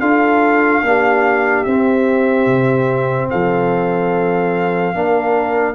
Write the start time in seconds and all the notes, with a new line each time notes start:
0.00 D4 F4 A4 F5
0.83 A#3 D4 G4
1.64 C4 E5
2.46 C3
3.30 F3 A4 F5
4.95 A#3 D4 A#4